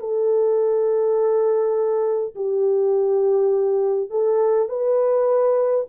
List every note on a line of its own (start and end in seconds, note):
0.00 2.35 A4
2.35 4.10 G4
4.10 4.69 A4
4.69 5.87 B4